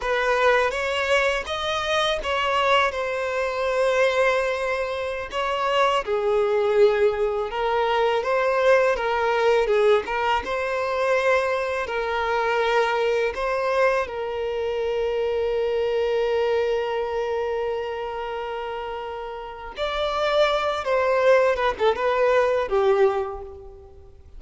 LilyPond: \new Staff \with { instrumentName = "violin" } { \time 4/4 \tempo 4 = 82 b'4 cis''4 dis''4 cis''4 | c''2.~ c''16 cis''8.~ | cis''16 gis'2 ais'4 c''8.~ | c''16 ais'4 gis'8 ais'8 c''4.~ c''16~ |
c''16 ais'2 c''4 ais'8.~ | ais'1~ | ais'2. d''4~ | d''8 c''4 b'16 a'16 b'4 g'4 | }